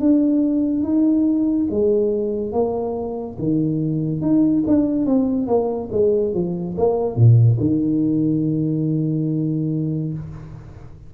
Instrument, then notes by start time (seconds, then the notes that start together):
tuba
0.00 D4
0.83 D#4
1.71 G#3
2.53 A#3
3.39 D#3
4.22 D#4
4.67 D4
5.06 C4
5.47 A#3
5.92 G#3
6.34 F3
6.78 A#3
7.16 A#2
7.61 D#3